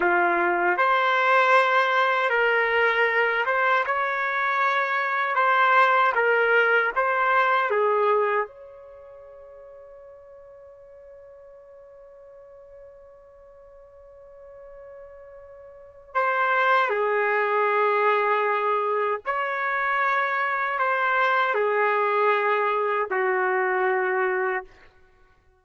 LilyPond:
\new Staff \with { instrumentName = "trumpet" } { \time 4/4 \tempo 4 = 78 f'4 c''2 ais'4~ | ais'8 c''8 cis''2 c''4 | ais'4 c''4 gis'4 cis''4~ | cis''1~ |
cis''1~ | cis''4 c''4 gis'2~ | gis'4 cis''2 c''4 | gis'2 fis'2 | }